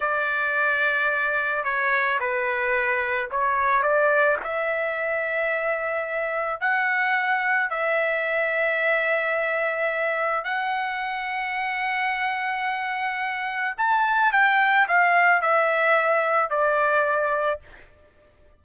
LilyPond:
\new Staff \with { instrumentName = "trumpet" } { \time 4/4 \tempo 4 = 109 d''2. cis''4 | b'2 cis''4 d''4 | e''1 | fis''2 e''2~ |
e''2. fis''4~ | fis''1~ | fis''4 a''4 g''4 f''4 | e''2 d''2 | }